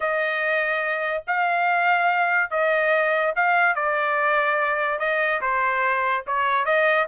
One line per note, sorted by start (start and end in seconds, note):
0.00 1.23 D#5
1.27 2.50 F5
2.50 3.33 D#5
3.35 3.75 F5
3.75 4.99 D5
4.99 5.40 D#5
5.41 6.24 C5
6.27 6.65 C#5
6.65 7.06 D#5